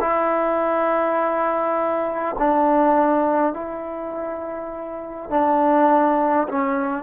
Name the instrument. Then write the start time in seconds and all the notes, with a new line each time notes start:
trombone
0.00 E4
2.39 D4
3.53 E4
5.30 D4
6.48 C#4